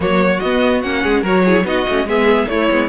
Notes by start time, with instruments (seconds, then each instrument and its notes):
0.00 cello F#3, viola A#3, violin F#4 C#5
0.40 cello B3, viola B3, violin D#5
0.81 cello A#3, viola C#4, violin F#5
1.02 cello G#3, violin G#4
1.21 cello F#3, viola F#4, violin A#4 C#5
1.44 viola E4, violin G#4
1.64 cello B3, viola D#4, violin F#4 D#5
1.89 cello A3, viola C#4
2.04 cello G#3, viola B3, violin G#4 E5
2.47 cello A3, viola A3, violin E4 C#5
2.70 cello G#3, viola B3